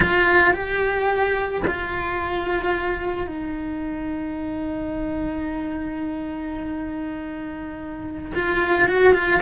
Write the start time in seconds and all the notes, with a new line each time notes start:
0.00 F4
0.53 G4
1.67 F4
3.27 D#4
8.34 F4
8.88 F#4
9.13 F4